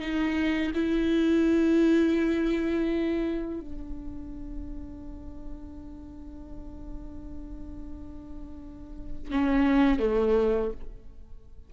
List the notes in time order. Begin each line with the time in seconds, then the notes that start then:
0.00 D#4
0.74 E4
3.60 D4
9.31 C#4
9.99 A3